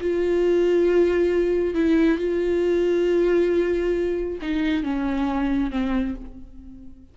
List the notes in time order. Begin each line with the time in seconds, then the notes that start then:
0.00 F4
1.74 E4
2.18 F4
4.41 D#4
4.83 C#4
5.70 C4